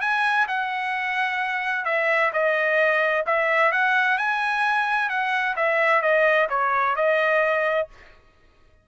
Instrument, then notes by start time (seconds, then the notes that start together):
trumpet
0.00 G#5
0.47 F#5
1.85 E5
2.32 D#5
3.26 E5
3.72 F#5
4.17 G#5
5.09 F#5
5.56 E5
6.01 D#5
6.49 C#5
6.95 D#5